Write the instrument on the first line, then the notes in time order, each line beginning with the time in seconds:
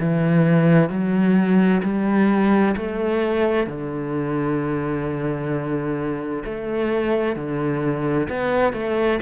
cello
0.00 E3
0.90 F#3
1.84 G3
2.77 A3
3.67 D3
6.46 A3
7.36 D3
8.30 B3
8.74 A3